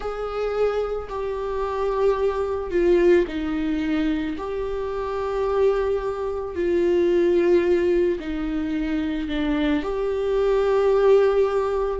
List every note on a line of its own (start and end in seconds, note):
0.00 1.08 G#4
1.09 2.70 G4
2.70 3.25 F4
3.27 4.36 D#4
4.37 6.55 G4
6.55 8.18 F4
8.19 9.28 D#4
9.28 9.82 D4
9.82 12.00 G4